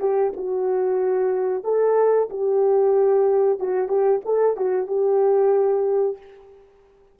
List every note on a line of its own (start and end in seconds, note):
0.00 0.33 G4
0.37 1.64 F#4
1.64 2.29 A4
2.30 3.60 G4
3.60 3.88 F#4
3.88 4.21 G4
4.25 4.57 A4
4.57 4.87 F#4
4.87 6.18 G4